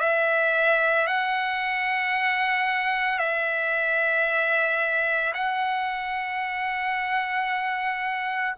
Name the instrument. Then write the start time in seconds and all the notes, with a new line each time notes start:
trumpet
0.00 E5
1.07 F#5
3.19 E5
5.34 F#5